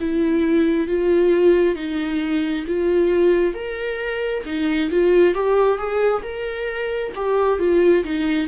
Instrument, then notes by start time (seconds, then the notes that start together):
viola
0.00 E4
0.88 F4
1.75 D#4
2.67 F4
3.54 A#4
4.45 D#4
4.91 F4
5.34 G4
5.78 G#4
6.22 A#4
7.16 G4
7.59 F4
8.04 D#4